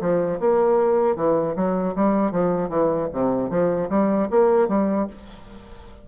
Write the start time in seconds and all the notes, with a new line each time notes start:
0.00 F3
0.39 A#3
1.15 E3
1.55 F#3
1.95 G3
2.31 F3
2.69 E3
3.12 C3
3.50 F3
3.89 G3
4.30 A#3
4.68 G3